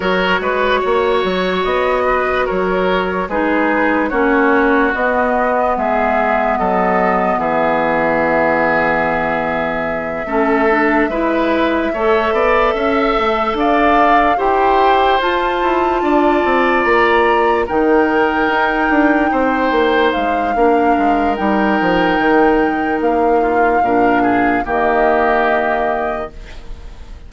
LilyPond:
<<
  \new Staff \with { instrumentName = "flute" } { \time 4/4 \tempo 4 = 73 cis''2 dis''4 cis''4 | b'4 cis''4 dis''4 e''4 | dis''4 e''2.~ | e''1~ |
e''8 f''4 g''4 a''4.~ | a''8 ais''4 g''2~ g''8~ | g''8 f''4. g''2 | f''2 dis''2 | }
  \new Staff \with { instrumentName = "oboe" } { \time 4/4 ais'8 b'8 cis''4. b'8 ais'4 | gis'4 fis'2 gis'4 | a'4 gis'2.~ | gis'8 a'4 b'4 cis''8 d''8 e''8~ |
e''8 d''4 c''2 d''8~ | d''4. ais'2 c''8~ | c''4 ais'2.~ | ais'8 f'8 ais'8 gis'8 g'2 | }
  \new Staff \with { instrumentName = "clarinet" } { \time 4/4 fis'1 | dis'4 cis'4 b2~ | b1~ | b8 cis'8 d'8 e'4 a'4.~ |
a'4. g'4 f'4.~ | f'4. dis'2~ dis'8~ | dis'4 d'4 dis'2~ | dis'4 d'4 ais2 | }
  \new Staff \with { instrumentName = "bassoon" } { \time 4/4 fis8 gis8 ais8 fis8 b4 fis4 | gis4 ais4 b4 gis4 | fis4 e2.~ | e8 a4 gis4 a8 b8 cis'8 |
a8 d'4 e'4 f'8 e'8 d'8 | c'8 ais4 dis4 dis'8 d'8 c'8 | ais8 gis8 ais8 gis8 g8 f8 dis4 | ais4 ais,4 dis2 | }
>>